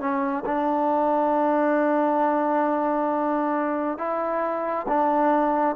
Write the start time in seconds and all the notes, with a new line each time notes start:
0.00 C#4
0.45 D4
3.98 E4
4.88 D4